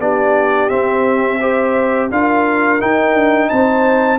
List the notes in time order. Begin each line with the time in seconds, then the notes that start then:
0.00 B3 D4 G4 D5
0.69 C4 E5
1.40 G4 C5
2.11 D4 F4 A#4 F5
2.80 D#4 G5
3.14 D4
3.49 C4 C5 A5